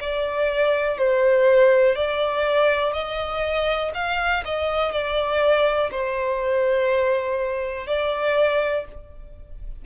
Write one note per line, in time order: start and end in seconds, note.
0.00 0.97 D5
0.97 1.95 C5
1.95 2.93 D5
2.93 3.91 D#5
3.94 4.43 F5
4.45 4.91 D#5
4.91 5.90 D5
5.91 7.86 C5
7.86 8.85 D5